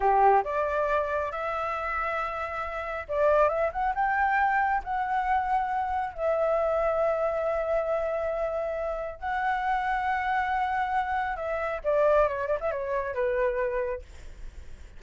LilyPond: \new Staff \with { instrumentName = "flute" } { \time 4/4 \tempo 4 = 137 g'4 d''2 e''4~ | e''2. d''4 | e''8 fis''8 g''2 fis''4~ | fis''2 e''2~ |
e''1~ | e''4 fis''2.~ | fis''2 e''4 d''4 | cis''8 d''16 e''16 cis''4 b'2 | }